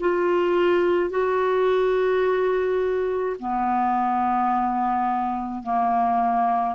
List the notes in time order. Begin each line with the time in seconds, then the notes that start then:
0.00 F4
1.10 F#4
3.39 B3
5.63 A#3